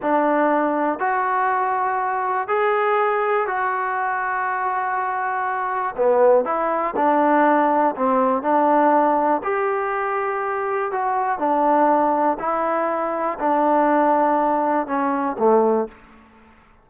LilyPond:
\new Staff \with { instrumentName = "trombone" } { \time 4/4 \tempo 4 = 121 d'2 fis'2~ | fis'4 gis'2 fis'4~ | fis'1 | b4 e'4 d'2 |
c'4 d'2 g'4~ | g'2 fis'4 d'4~ | d'4 e'2 d'4~ | d'2 cis'4 a4 | }